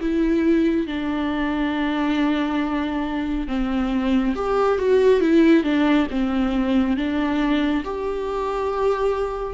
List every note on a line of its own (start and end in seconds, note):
0.00 0.86 E4
0.86 3.47 D4
3.47 4.34 C4
4.34 4.78 G4
4.78 5.20 F#4
5.20 5.63 E4
5.63 6.07 D4
6.10 6.96 C4
6.96 7.83 D4
7.84 9.53 G4